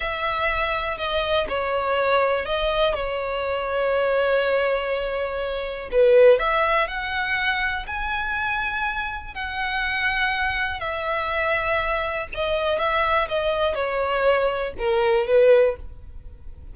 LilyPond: \new Staff \with { instrumentName = "violin" } { \time 4/4 \tempo 4 = 122 e''2 dis''4 cis''4~ | cis''4 dis''4 cis''2~ | cis''1 | b'4 e''4 fis''2 |
gis''2. fis''4~ | fis''2 e''2~ | e''4 dis''4 e''4 dis''4 | cis''2 ais'4 b'4 | }